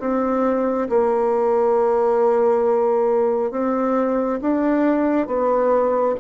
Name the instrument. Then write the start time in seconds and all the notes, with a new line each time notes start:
bassoon
0.00 C4
0.89 A#3
3.51 C4
4.42 D4
5.27 B3